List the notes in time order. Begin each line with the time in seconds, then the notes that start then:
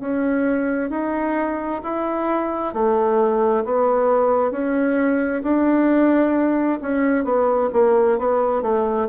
0.00 C#4
0.90 D#4
1.83 E4
2.74 A3
3.65 B3
4.52 C#4
5.43 D4
6.82 C#4
7.24 B3
7.73 A#3
8.19 B3
8.62 A3